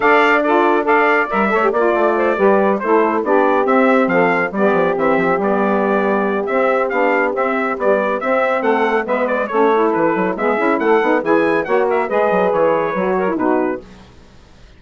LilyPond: <<
  \new Staff \with { instrumentName = "trumpet" } { \time 4/4 \tempo 4 = 139 f''4 d''4 f''4 e''4 | d''2~ d''8 c''4 d''8~ | d''8 e''4 f''4 d''4 e''8~ | e''8 d''2~ d''8 e''4 |
f''4 e''4 d''4 e''4 | fis''4 e''8 d''8 cis''4 b'4 | e''4 fis''4 gis''4 fis''8 e''8 | dis''4 cis''2 b'4 | }
  \new Staff \with { instrumentName = "saxophone" } { \time 4/4 d''4 a'4 d''4. cis''8 | d''4 c''8 b'4 a'4 g'8~ | g'4. a'4 g'4.~ | g'1~ |
g'1 | a'4 b'4 a'2 | gis'4 a'4 gis'4 cis''8 ais'8 | b'2~ b'8 ais'8 fis'4 | }
  \new Staff \with { instrumentName = "saxophone" } { \time 4/4 a'4 f'4 a'4 ais'8 a'16 g'16 | f'4. g'4 e'4 d'8~ | d'8 c'2 b4 c'8~ | c'8 b2~ b8 c'4 |
d'4 c'4 g4 c'4~ | c'4 b4 cis'8 e'4. | b8 e'4 dis'8 e'4 fis'4 | gis'2 fis'8. e'16 dis'4 | }
  \new Staff \with { instrumentName = "bassoon" } { \time 4/4 d'2. g8 a8 | ais8 a4 g4 a4 b8~ | b8 c'4 f4 g8 f8 e8 | f8 g2~ g8 c'4 |
b4 c'4 b4 c'4 | a4 gis4 a4 e8 fis8 | gis8 cis'8 a8 b8 e4 ais4 | gis8 fis8 e4 fis4 b,4 | }
>>